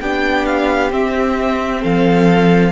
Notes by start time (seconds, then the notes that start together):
0.00 B3 D4 G4 G5
0.45 F5
0.90 C4 E5
1.81 F3 A4 F5